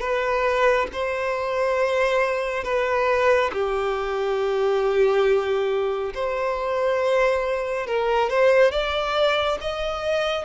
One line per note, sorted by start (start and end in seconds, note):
0.00 0.87 B4
0.92 2.64 C5
2.64 3.51 B4
3.53 6.13 G4
6.14 7.87 C5
7.87 8.30 A#4
8.30 8.72 C5
8.72 9.58 D5
9.61 10.45 D#5